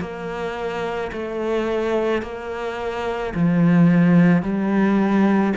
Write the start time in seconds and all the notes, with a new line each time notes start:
0.00 A#3
1.13 A3
2.22 A#3
3.35 F3
4.42 G3